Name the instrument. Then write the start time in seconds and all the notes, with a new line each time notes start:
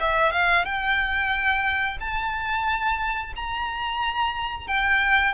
violin
0.00 E5
0.32 F5
0.65 G5
2.00 A5
3.36 A#5
4.67 G5